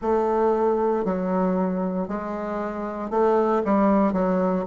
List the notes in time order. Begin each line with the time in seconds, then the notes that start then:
0.01 A3
1.04 F#3
2.07 G#3
3.10 A3
3.64 G3
4.12 F#3